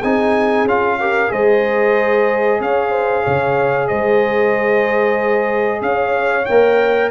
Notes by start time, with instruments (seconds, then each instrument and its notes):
0.00 tuba C4, trombone D#4, horn G#4, trumpet G#5
0.65 tuba C#4, trombone F4, trumpet F5
1.00 trombone G4, horn A#4
1.29 tuba G#3, trombone G#4, horn C5, trumpet D#5
2.60 tuba C#4, horn C#5, trumpet F5
2.91 horn C5
3.24 tuba C#3, horn C#5
3.88 tuba G#3, horn C5, trumpet D#5
5.82 tuba C#4, horn C#5, trumpet F5
6.46 tuba A#3, trombone A#4, trumpet G5